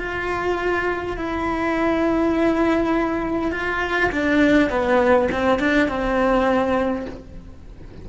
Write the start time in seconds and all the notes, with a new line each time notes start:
0.00 F4
1.18 E4
3.52 F4
4.12 D4
4.70 B3
5.32 C4
5.60 D4
5.89 C4